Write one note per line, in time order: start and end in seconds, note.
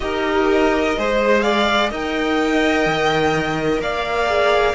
0.00 0.96 D#4
0.00 0.94 G4
0.00 0.98 A#4
0.00 1.41 D#5
0.96 1.91 G#3
0.96 1.90 G#4
0.96 1.43 C5
1.41 1.90 D5
1.41 1.89 F5
1.90 2.86 D#4
1.90 4.27 A#4
1.90 3.81 D#5
1.90 3.82 G5
2.86 3.79 D#3
3.79 4.74 A#3
3.79 4.74 D5
3.79 4.74 F5
4.27 4.74 G#4